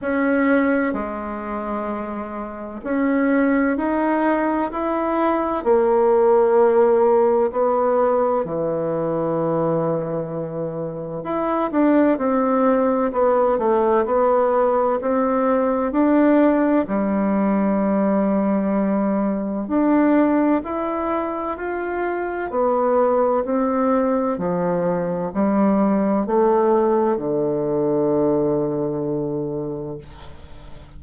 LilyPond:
\new Staff \with { instrumentName = "bassoon" } { \time 4/4 \tempo 4 = 64 cis'4 gis2 cis'4 | dis'4 e'4 ais2 | b4 e2. | e'8 d'8 c'4 b8 a8 b4 |
c'4 d'4 g2~ | g4 d'4 e'4 f'4 | b4 c'4 f4 g4 | a4 d2. | }